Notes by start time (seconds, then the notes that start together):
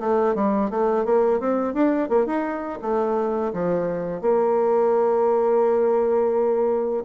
0.00 A3
0.35 G3
0.71 A3
1.05 A#3
1.40 C4
1.74 D4
2.09 A#3
2.26 D#4
2.82 A3
3.53 F3
4.21 A#3